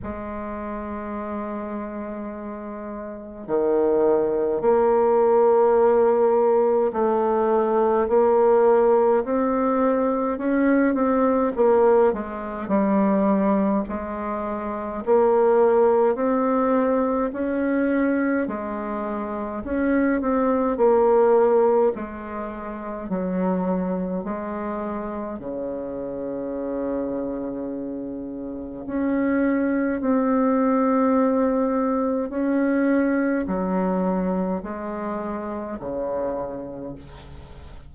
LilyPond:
\new Staff \with { instrumentName = "bassoon" } { \time 4/4 \tempo 4 = 52 gis2. dis4 | ais2 a4 ais4 | c'4 cis'8 c'8 ais8 gis8 g4 | gis4 ais4 c'4 cis'4 |
gis4 cis'8 c'8 ais4 gis4 | fis4 gis4 cis2~ | cis4 cis'4 c'2 | cis'4 fis4 gis4 cis4 | }